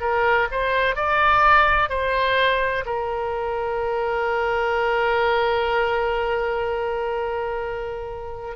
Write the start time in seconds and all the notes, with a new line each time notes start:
0.00 A#4
0.51 C5
0.95 D5
1.89 C5
2.85 A#4